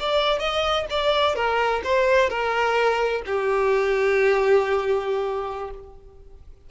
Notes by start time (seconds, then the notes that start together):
0.00 D5
0.40 D#5
0.90 D5
1.36 A#4
1.85 C5
2.30 A#4
3.27 G4